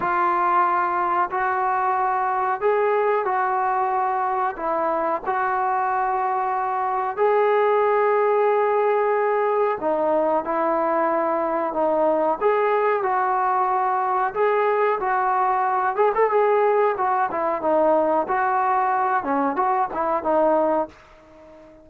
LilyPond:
\new Staff \with { instrumentName = "trombone" } { \time 4/4 \tempo 4 = 92 f'2 fis'2 | gis'4 fis'2 e'4 | fis'2. gis'4~ | gis'2. dis'4 |
e'2 dis'4 gis'4 | fis'2 gis'4 fis'4~ | fis'8 gis'16 a'16 gis'4 fis'8 e'8 dis'4 | fis'4. cis'8 fis'8 e'8 dis'4 | }